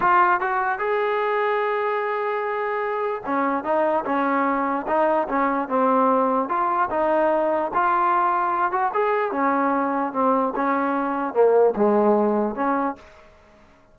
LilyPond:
\new Staff \with { instrumentName = "trombone" } { \time 4/4 \tempo 4 = 148 f'4 fis'4 gis'2~ | gis'1 | cis'4 dis'4 cis'2 | dis'4 cis'4 c'2 |
f'4 dis'2 f'4~ | f'4. fis'8 gis'4 cis'4~ | cis'4 c'4 cis'2 | ais4 gis2 cis'4 | }